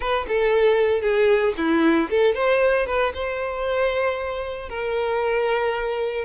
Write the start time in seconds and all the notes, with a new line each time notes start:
0.00 B4
0.28 A4
1.01 G#4
1.57 E4
2.10 A4
2.34 C5
2.86 B4
3.14 C5
4.69 A#4